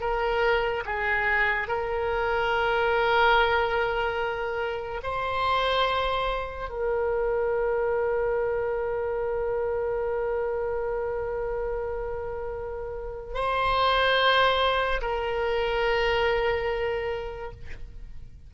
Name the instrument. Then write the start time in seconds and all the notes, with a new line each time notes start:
oboe
0.00 A#4
0.85 G#4
1.68 A#4
5.03 C5
6.69 A#4
13.34 C5
15.02 A#4